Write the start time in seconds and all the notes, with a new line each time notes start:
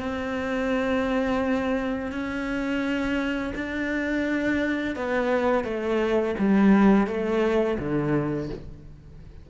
0.00 C4
2.12 C#4
3.55 D4
4.96 B3
5.64 A3
6.39 G3
7.07 A3
7.79 D3